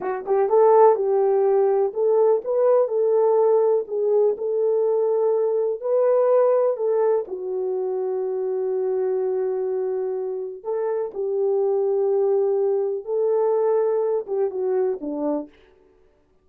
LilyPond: \new Staff \with { instrumentName = "horn" } { \time 4/4 \tempo 4 = 124 fis'8 g'8 a'4 g'2 | a'4 b'4 a'2 | gis'4 a'2. | b'2 a'4 fis'4~ |
fis'1~ | fis'2 a'4 g'4~ | g'2. a'4~ | a'4. g'8 fis'4 d'4 | }